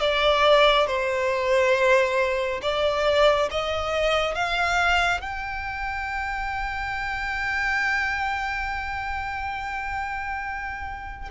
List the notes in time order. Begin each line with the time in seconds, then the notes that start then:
0.00 D5
0.87 C5
2.62 D5
3.51 D#5
4.35 F5
5.21 G5